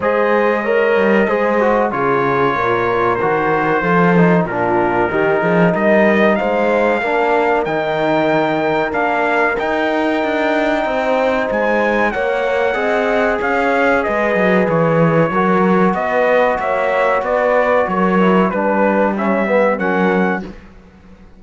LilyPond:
<<
  \new Staff \with { instrumentName = "trumpet" } { \time 4/4 \tempo 4 = 94 dis''2. cis''4~ | cis''4 c''2 ais'4~ | ais'4 dis''4 f''2 | g''2 f''4 g''4~ |
g''2 gis''4 fis''4~ | fis''4 f''4 dis''4 cis''4~ | cis''4 dis''4 e''4 d''4 | cis''4 b'4 e''4 fis''4 | }
  \new Staff \with { instrumentName = "horn" } { \time 4/4 c''4 cis''4 c''4 gis'4 | ais'2 a'4 f'4 | g'8 gis'8 ais'4 c''4 ais'4~ | ais'1~ |
ais'4 c''2 cis''4 | dis''4 cis''4 b'2 | ais'4 b'4 cis''4 b'4 | ais'4 b'4 cis''8 b'8 ais'4 | }
  \new Staff \with { instrumentName = "trombone" } { \time 4/4 gis'4 ais'4 gis'8 fis'8 f'4~ | f'4 fis'4 f'8 dis'8 d'4 | dis'2. d'4 | dis'2 d'4 dis'4~ |
dis'2. ais'4 | gis'1 | fis'1~ | fis'8 e'8 d'4 cis'8 b8 cis'4 | }
  \new Staff \with { instrumentName = "cello" } { \time 4/4 gis4. g8 gis4 cis4 | ais,4 dis4 f4 ais,4 | dis8 f8 g4 gis4 ais4 | dis2 ais4 dis'4 |
d'4 c'4 gis4 ais4 | c'4 cis'4 gis8 fis8 e4 | fis4 b4 ais4 b4 | fis4 g2 fis4 | }
>>